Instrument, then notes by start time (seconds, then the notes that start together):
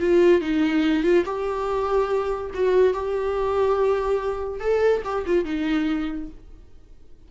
viola
0.00 F4
0.41 D#4
1.03 F4
1.25 G4
2.54 F#4
2.94 G4
4.60 A4
5.04 G4
5.26 F4
5.45 D#4